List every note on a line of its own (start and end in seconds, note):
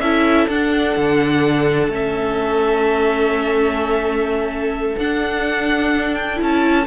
0.00 0.47 C#4
0.00 0.51 E4
0.00 6.87 A4
0.00 0.47 E5
0.49 0.96 D4
0.49 1.92 D4
0.49 1.92 F#5
0.97 1.89 D3
1.89 4.96 A3
1.89 4.99 C#4
1.89 4.99 E5
4.99 6.41 D4
4.99 6.36 D4
4.99 6.15 F#5
6.15 6.38 G5
6.36 6.87 C#4
6.36 6.84 E4
6.43 6.87 A5